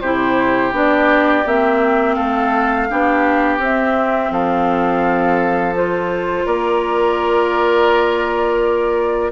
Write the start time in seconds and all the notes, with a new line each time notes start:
0.00 C3 E4 G4 C5
0.71 B3 D4 D5
1.46 A#3 C4 E5
2.14 A3 A4 F5
2.89 B3 D4 G4
3.58 C4 E5
4.30 F3 A4 F5
5.74 F4 C5
6.45 A#3 A#4 D5